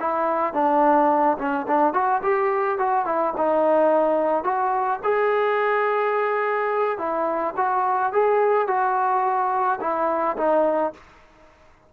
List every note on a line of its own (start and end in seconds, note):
0.00 0.53 E4
0.53 1.37 D4
1.38 1.66 C#4
1.67 1.93 D4
1.93 2.21 F#4
2.23 2.78 G4
2.78 3.06 F#4
3.06 3.34 E4
3.37 4.44 D#4
4.44 5.00 F#4
5.03 6.98 G#4
6.98 7.54 E4
7.57 8.13 F#4
8.13 8.68 G#4
8.68 9.80 F#4
9.81 10.37 E4
10.37 10.93 D#4